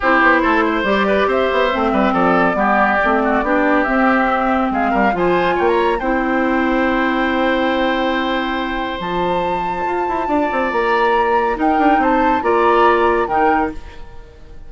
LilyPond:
<<
  \new Staff \with { instrumentName = "flute" } { \time 4/4 \tempo 4 = 140 c''2 d''4 e''4~ | e''4 d''2.~ | d''4 e''2 f''4 | gis''4 g''16 ais''8. g''2~ |
g''1~ | g''4 a''2.~ | a''4 ais''2 g''4 | a''4 ais''2 g''4 | }
  \new Staff \with { instrumentName = "oboe" } { \time 4/4 g'4 a'8 c''4 b'8 c''4~ | c''8 b'8 a'4 g'4. fis'8 | g'2. gis'8 ais'8 | c''4 cis''4 c''2~ |
c''1~ | c''1 | d''2. ais'4 | c''4 d''2 ais'4 | }
  \new Staff \with { instrumentName = "clarinet" } { \time 4/4 e'2 g'2 | c'2 b4 c'4 | d'4 c'2. | f'2 e'2~ |
e'1~ | e'4 f'2.~ | f'2. dis'4~ | dis'4 f'2 dis'4 | }
  \new Staff \with { instrumentName = "bassoon" } { \time 4/4 c'8 b8 a4 g4 c'8 b8 | a8 g8 f4 g4 a4 | b4 c'2 gis8 g8 | f4 ais4 c'2~ |
c'1~ | c'4 f2 f'8 e'8 | d'8 c'8 ais2 dis'8 d'8 | c'4 ais2 dis4 | }
>>